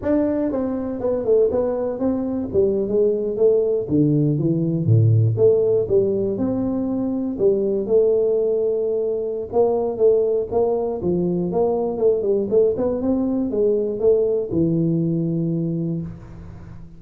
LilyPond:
\new Staff \with { instrumentName = "tuba" } { \time 4/4 \tempo 4 = 120 d'4 c'4 b8 a8 b4 | c'4 g8. gis4 a4 d16~ | d8. e4 a,4 a4 g16~ | g8. c'2 g4 a16~ |
a2. ais4 | a4 ais4 f4 ais4 | a8 g8 a8 b8 c'4 gis4 | a4 e2. | }